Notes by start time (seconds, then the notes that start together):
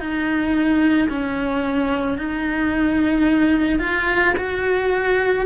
0.00 D#4
1.10 C#4
2.18 D#4
3.80 F4
4.37 F#4